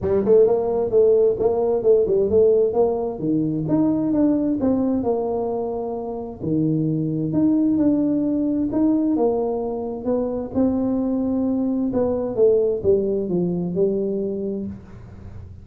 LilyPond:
\new Staff \with { instrumentName = "tuba" } { \time 4/4 \tempo 4 = 131 g8 a8 ais4 a4 ais4 | a8 g8 a4 ais4 dis4 | dis'4 d'4 c'4 ais4~ | ais2 dis2 |
dis'4 d'2 dis'4 | ais2 b4 c'4~ | c'2 b4 a4 | g4 f4 g2 | }